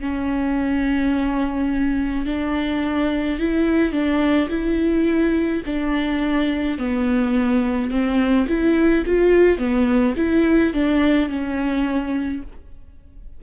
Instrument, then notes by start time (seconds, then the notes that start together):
viola
0.00 C#4
2.25 D4
3.39 E4
3.92 D4
4.49 E4
5.66 D4
6.78 B3
7.90 C4
8.48 E4
9.06 F4
9.58 B3
10.16 E4
10.73 D4
11.29 C#4